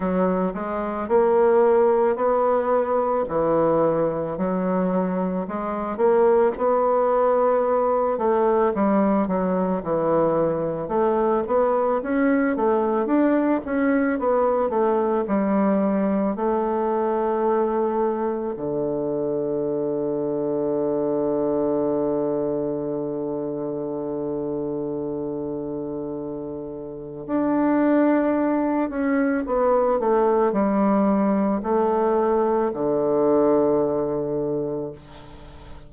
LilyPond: \new Staff \with { instrumentName = "bassoon" } { \time 4/4 \tempo 4 = 55 fis8 gis8 ais4 b4 e4 | fis4 gis8 ais8 b4. a8 | g8 fis8 e4 a8 b8 cis'8 a8 | d'8 cis'8 b8 a8 g4 a4~ |
a4 d2.~ | d1~ | d4 d'4. cis'8 b8 a8 | g4 a4 d2 | }